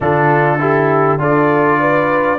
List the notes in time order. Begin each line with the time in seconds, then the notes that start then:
0.00 D3 D4 F4 A4
0.59 E4 G4
1.18 D4 F4 A4 D5
1.80 B4